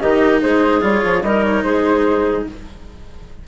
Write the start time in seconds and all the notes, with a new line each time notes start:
0.00 D#3 D#4 G4 D#5
0.41 G#3 G#4 C5
0.81 G3 F4 C#5
1.05 F3
1.23 G3 D#4 A#4 D#5
1.43 C#5
1.63 G#3 G#4 C5